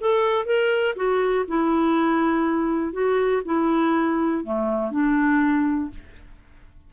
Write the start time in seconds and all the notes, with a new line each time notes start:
0.00 A4
0.46 A#4
0.96 F#4
1.48 E4
2.92 F#4
3.45 E4
4.44 A3
4.91 D4